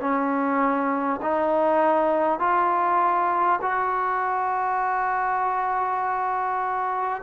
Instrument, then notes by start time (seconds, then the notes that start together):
trombone
0.00 C#4
1.22 D#4
2.39 F4
3.62 F#4